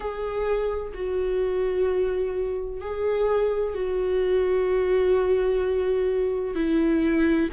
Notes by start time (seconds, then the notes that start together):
0.00 G#4
0.94 F#4
2.80 G#4
3.74 F#4
6.55 E4